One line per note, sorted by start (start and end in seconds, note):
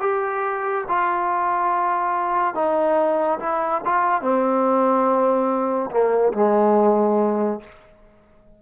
0.00 0.85 G4
0.88 2.55 F4
2.55 3.39 D#4
3.39 3.81 E4
3.85 4.21 F4
4.21 5.90 C4
5.90 6.33 A#3
6.33 7.60 G#3